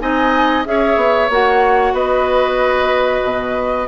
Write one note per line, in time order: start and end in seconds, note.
0.00 0.66 C4
0.00 0.65 D#4
0.00 0.67 D#5
0.00 0.65 G#5
0.65 0.97 C#4
0.65 1.30 G#4
0.65 1.94 C#5
0.65 1.31 E5
0.97 1.29 B3
1.30 1.93 A#3
1.30 3.88 F#4
1.30 1.95 F#5
1.93 3.22 B3
1.93 3.88 B4
1.93 3.88 D#5
3.24 3.88 B2